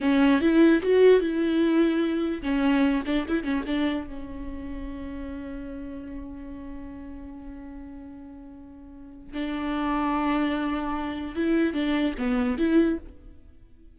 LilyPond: \new Staff \with { instrumentName = "viola" } { \time 4/4 \tempo 4 = 148 cis'4 e'4 fis'4 e'4~ | e'2 cis'4. d'8 | e'8 cis'8 d'4 cis'2~ | cis'1~ |
cis'1~ | cis'2. d'4~ | d'1 | e'4 d'4 b4 e'4 | }